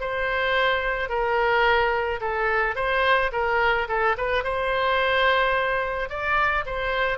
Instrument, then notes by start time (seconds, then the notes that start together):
oboe
0.00 C5
1.09 A#4
2.20 A4
2.75 C5
3.32 A#4
3.88 A4
4.17 B4
4.43 C5
6.09 D5
6.66 C5